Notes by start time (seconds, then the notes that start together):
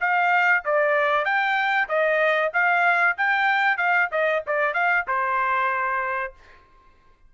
0.00 F5
0.65 D5
1.25 G5
1.88 D#5
2.53 F5
3.17 G5
3.77 F5
4.11 D#5
4.46 D5
4.73 F5
5.07 C5